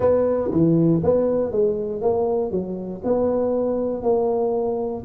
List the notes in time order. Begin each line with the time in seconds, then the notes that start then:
0.00 B3
0.51 E3
1.03 B3
1.51 G#3
2.01 A#3
2.51 F#3
3.04 B3
4.02 A#3